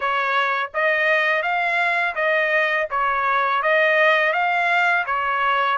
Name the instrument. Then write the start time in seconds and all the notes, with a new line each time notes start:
trumpet
0.00 C#5
0.74 D#5
1.42 F5
2.15 D#5
2.90 C#5
3.62 D#5
4.32 F5
5.06 C#5